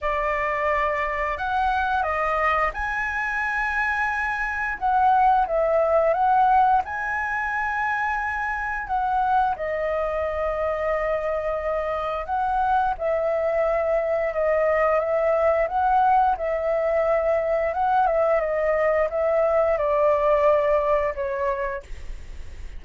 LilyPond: \new Staff \with { instrumentName = "flute" } { \time 4/4 \tempo 4 = 88 d''2 fis''4 dis''4 | gis''2. fis''4 | e''4 fis''4 gis''2~ | gis''4 fis''4 dis''2~ |
dis''2 fis''4 e''4~ | e''4 dis''4 e''4 fis''4 | e''2 fis''8 e''8 dis''4 | e''4 d''2 cis''4 | }